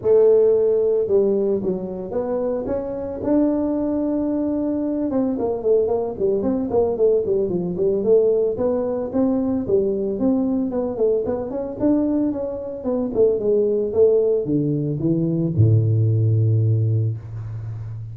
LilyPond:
\new Staff \with { instrumentName = "tuba" } { \time 4/4 \tempo 4 = 112 a2 g4 fis4 | b4 cis'4 d'2~ | d'4. c'8 ais8 a8 ais8 g8 | c'8 ais8 a8 g8 f8 g8 a4 |
b4 c'4 g4 c'4 | b8 a8 b8 cis'8 d'4 cis'4 | b8 a8 gis4 a4 d4 | e4 a,2. | }